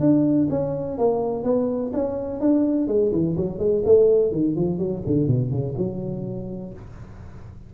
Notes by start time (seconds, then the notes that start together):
0.00 D4
0.50 C#4
0.98 A#3
1.44 B3
1.94 C#4
2.40 D4
2.88 G#3
3.12 E3
3.37 F#3
3.59 G#3
3.85 A3
4.32 D#3
4.56 F3
4.78 F#3
5.06 D3
5.27 B2
5.51 C#3
5.77 F#3